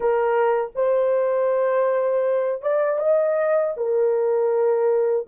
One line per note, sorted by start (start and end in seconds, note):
0.00 0.71 A#4
0.75 2.62 C5
2.62 2.99 D5
2.99 3.74 D#5
3.77 5.27 A#4